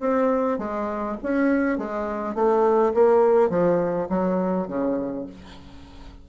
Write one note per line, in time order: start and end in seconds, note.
0.00 0.58 C4
0.59 1.17 G#3
1.23 1.78 C#4
1.78 2.35 G#3
2.35 2.93 A3
2.94 3.50 A#3
3.50 4.08 F3
4.09 4.68 F#3
4.68 5.26 C#3